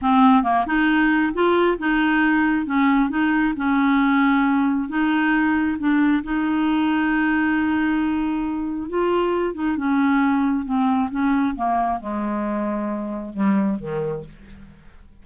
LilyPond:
\new Staff \with { instrumentName = "clarinet" } { \time 4/4 \tempo 4 = 135 c'4 ais8 dis'4. f'4 | dis'2 cis'4 dis'4 | cis'2. dis'4~ | dis'4 d'4 dis'2~ |
dis'1 | f'4. dis'8 cis'2 | c'4 cis'4 ais4 gis4~ | gis2 g4 dis4 | }